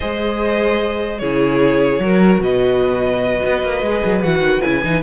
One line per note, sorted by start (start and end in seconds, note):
0.00 1.21 G#3
0.00 1.21 G#4
0.00 1.20 C5
0.00 1.18 D#5
1.18 1.98 C#3
1.18 2.02 E4
1.18 2.01 G#4
1.18 2.39 C#5
1.98 2.39 F#3
1.98 3.84 F#4
1.98 2.43 A#4
2.39 3.40 B2
2.39 5.02 B4
2.39 4.22 D#5
3.45 3.62 B3
3.62 3.82 A#3
3.82 4.02 G#3
3.82 4.23 G#4
4.05 4.24 F#3
4.22 4.39 E3
4.22 4.62 F#4
4.22 4.61 F#5
4.39 4.59 D#3
4.61 4.84 C#3
4.61 4.82 E4
4.61 5.02 G#5
4.83 5.02 E3
4.83 5.02 D#4